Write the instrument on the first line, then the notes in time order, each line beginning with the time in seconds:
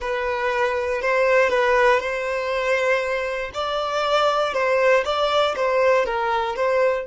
violin
0.00 B4
1.01 C5
1.49 B4
2.00 C5
3.53 D5
4.53 C5
5.04 D5
5.56 C5
6.05 A#4
6.55 C5